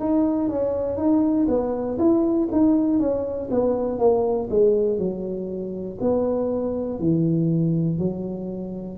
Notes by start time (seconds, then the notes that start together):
0.00 D#4
0.49 C#4
0.97 D#4
1.48 B3
1.99 E4
2.52 D#4
3.00 C#4
3.51 B3
3.99 A#3
4.50 G#3
4.98 F#3
6.00 B3
7.00 E3
7.99 F#3